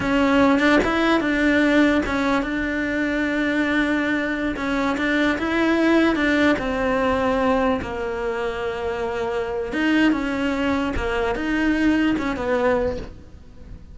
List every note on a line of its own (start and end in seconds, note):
0.00 0.59 C#4
0.59 0.79 D4
0.84 1.20 E4
1.20 2.01 D4
2.05 2.42 C#4
2.42 4.55 D4
4.56 4.96 C#4
4.97 5.38 D4
5.38 6.15 E4
6.15 6.56 D4
6.58 7.80 C4
7.81 9.72 A#3
9.72 10.12 D#4
10.12 10.93 C#4
10.96 11.35 A#3
11.35 12.16 D#4
12.18 12.36 C#4
12.36 12.97 B3